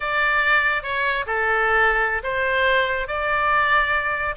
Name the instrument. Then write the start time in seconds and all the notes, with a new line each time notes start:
oboe
0.00 D5
0.82 C#5
1.26 A4
2.23 C5
3.07 D5